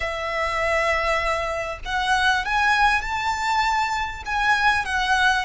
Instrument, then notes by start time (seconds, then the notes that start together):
violin
0.00 E5
1.85 F#5
2.45 G#5
3.01 A5
4.25 G#5
4.85 F#5